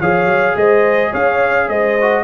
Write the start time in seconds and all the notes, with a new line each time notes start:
0.00 F3 G#4 C#5 F5
0.26 F#3
0.56 G#3 C5 D#5
1.10 C#4 C#5 F5
1.68 G#3 C5 D#5
2.01 F#4